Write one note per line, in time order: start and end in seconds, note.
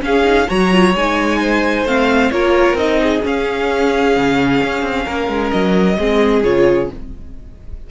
0.00 0.23 C#4
0.00 0.48 C#4
0.00 0.48 G#4
0.00 0.49 F5
0.24 0.47 D#4
0.47 0.94 F#3
0.47 0.70 F#4
0.47 1.39 C#5
0.47 0.95 A#5
0.72 0.95 F4
0.94 1.84 G#3
0.94 1.87 D#4
0.94 1.87 G#5
1.40 2.32 C5
1.84 2.30 A3
1.84 2.32 C4
1.84 2.31 F5
2.31 2.73 A#3
2.31 2.77 F4
2.31 3.01 A#4
2.31 2.77 C#5
2.73 3.19 C4
2.73 3.22 D#4
2.73 3.23 D#5
3.02 5.05 G#4
3.22 5.97 C#4
3.22 4.16 C#4
3.22 5.50 F5
4.16 4.62 C#3
4.62 4.82 C#4
4.82 5.05 C4
5.05 5.28 A#3
5.05 5.97 A#4
5.28 5.51 G#3
5.50 5.98 F#3
5.50 6.42 D#5
5.98 6.44 G#3
5.98 6.44 C4
5.98 6.90 G#4
6.43 6.90 C#3
6.43 6.90 F4
6.43 6.89 C#5